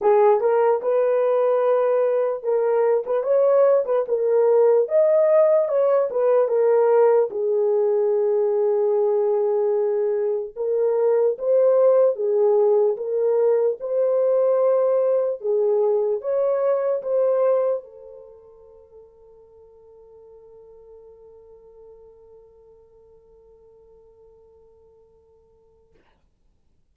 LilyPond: \new Staff \with { instrumentName = "horn" } { \time 4/4 \tempo 4 = 74 gis'8 ais'8 b'2 ais'8. b'16 | cis''8. b'16 ais'4 dis''4 cis''8 b'8 | ais'4 gis'2.~ | gis'4 ais'4 c''4 gis'4 |
ais'4 c''2 gis'4 | cis''4 c''4 a'2~ | a'1~ | a'1 | }